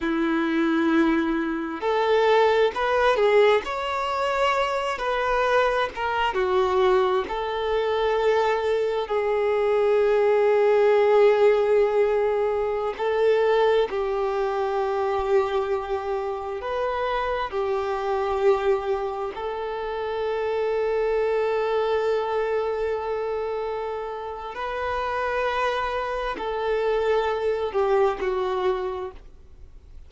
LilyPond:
\new Staff \with { instrumentName = "violin" } { \time 4/4 \tempo 4 = 66 e'2 a'4 b'8 gis'8 | cis''4. b'4 ais'8 fis'4 | a'2 gis'2~ | gis'2~ gis'16 a'4 g'8.~ |
g'2~ g'16 b'4 g'8.~ | g'4~ g'16 a'2~ a'8.~ | a'2. b'4~ | b'4 a'4. g'8 fis'4 | }